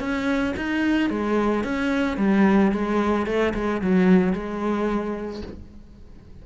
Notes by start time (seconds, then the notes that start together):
0.00 C#4
0.57 D#4
1.10 G#3
1.64 C#4
2.17 G3
2.72 G#3
3.27 A3
3.54 G#3
3.82 F#3
4.33 G#3